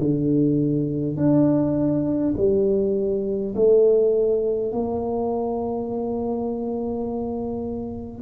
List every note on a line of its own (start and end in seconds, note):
0.00 1.17 D3
1.17 2.35 D4
2.37 3.55 G3
3.56 4.73 A3
4.73 8.22 A#3